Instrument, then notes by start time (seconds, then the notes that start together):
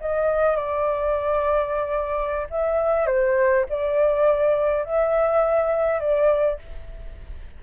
flute
0.00 D#5
0.56 D5
2.50 E5
3.06 C5
3.69 D5
4.84 E5
5.99 D5